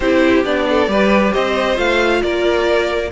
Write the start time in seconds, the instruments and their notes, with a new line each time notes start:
0.00 cello C4, viola E4, violin G4 C5
0.44 cello B3, viola D4, violin D5
0.69 violin A4
0.87 cello G3, viola G4, violin B4
1.32 cello C4, violin C5 D#5
1.74 cello A3, viola F4, violin F5
2.21 cello A#3, violin A#4 D5